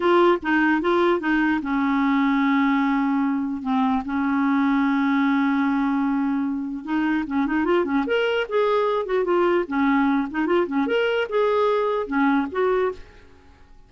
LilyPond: \new Staff \with { instrumentName = "clarinet" } { \time 4/4 \tempo 4 = 149 f'4 dis'4 f'4 dis'4 | cis'1~ | cis'4 c'4 cis'2~ | cis'1~ |
cis'4 dis'4 cis'8 dis'8 f'8 cis'8 | ais'4 gis'4. fis'8 f'4 | cis'4. dis'8 f'8 cis'8 ais'4 | gis'2 cis'4 fis'4 | }